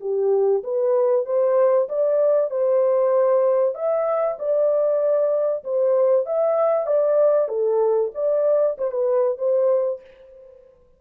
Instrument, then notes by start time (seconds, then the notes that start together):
horn
0.00 G4
0.63 B4
1.25 C5
1.88 D5
2.50 C5
3.74 E5
4.38 D5
5.64 C5
6.26 E5
6.86 D5
7.48 A4
8.14 D5
8.78 C5
8.91 B4
9.38 C5